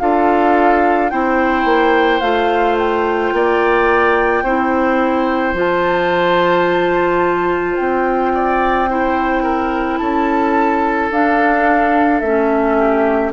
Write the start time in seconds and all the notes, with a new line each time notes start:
0.00 D4 F4 A4 F5
1.10 C4 E4 C5 G5
1.65 A#3
2.21 A3 F4 F5
2.78 G5
3.33 A#3 D5
4.43 C4 E4 C5
5.54 F3 F4 A5
7.76 C4 G5
8.34 D5
8.89 E4 C5
9.43 A#4
9.98 C#4 A4 A5
11.11 D4 F5
12.20 A3 C#4 E5
12.78 G4